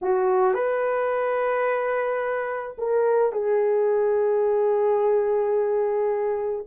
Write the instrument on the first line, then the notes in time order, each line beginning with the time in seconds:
horn
0.02 F#4
0.54 B4
2.78 A#4
3.32 G#4